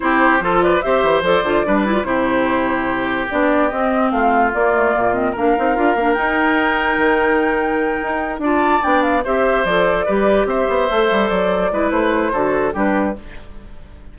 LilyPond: <<
  \new Staff \with { instrumentName = "flute" } { \time 4/4 \tempo 4 = 146 c''4. d''8 e''4 d''4~ | d''4 c''2. | d''4 dis''4 f''4 d''4~ | d''8 dis''8 f''2 g''4~ |
g''1~ | g''8 a''4 g''8 f''8 e''4 d''8~ | d''4. e''2 d''8~ | d''4 c''2 b'4 | }
  \new Staff \with { instrumentName = "oboe" } { \time 4/4 g'4 a'8 b'8 c''2 | b'4 g'2.~ | g'2 f'2~ | f'4 ais'2.~ |
ais'1~ | ais'8 d''2 c''4.~ | c''8 b'4 c''2~ c''8~ | c''8 b'4. a'4 g'4 | }
  \new Staff \with { instrumentName = "clarinet" } { \time 4/4 e'4 f'4 g'4 a'8 f'8 | d'8 e'16 f'16 e'2. | d'4 c'2 ais8 a8 | ais8 c'8 d'8 dis'8 f'8 d'8 dis'4~ |
dis'1~ | dis'8 f'4 d'4 g'4 a'8~ | a'8 g'2 a'4.~ | a'8 e'4. fis'4 d'4 | }
  \new Staff \with { instrumentName = "bassoon" } { \time 4/4 c'4 f4 c'8 e8 f8 d8 | g4 c2. | b4 c'4 a4 ais4 | ais,4 ais8 c'8 d'8 ais8 dis'4~ |
dis'4 dis2~ dis8 dis'8~ | dis'8 d'4 b4 c'4 f8~ | f8 g4 c'8 b8 a8 g8 fis8~ | fis8 gis8 a4 d4 g4 | }
>>